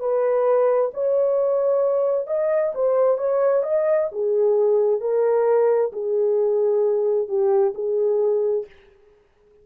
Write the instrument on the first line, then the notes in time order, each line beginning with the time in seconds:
horn
0.00 B4
0.94 C#5
2.27 D#5
2.75 C5
3.18 C#5
3.63 D#5
4.12 G#4
5.00 A#4
5.93 G#4
7.28 G4
7.75 G#4